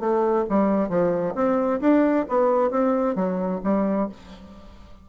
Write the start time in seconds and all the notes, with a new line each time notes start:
0.00 A3
0.49 G3
0.89 F3
1.35 C4
1.81 D4
2.28 B3
2.71 C4
3.16 F#3
3.64 G3